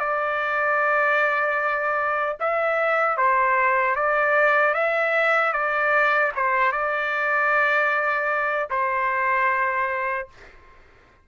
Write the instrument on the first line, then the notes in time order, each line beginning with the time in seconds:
trumpet
0.00 D5
2.40 E5
3.18 C5
3.96 D5
4.74 E5
5.53 D5
6.36 C5
6.72 D5
8.71 C5